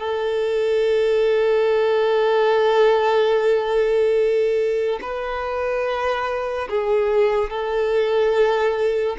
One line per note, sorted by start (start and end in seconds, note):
0.00 5.00 A4
5.02 6.69 B4
6.70 7.50 G#4
7.50 9.17 A4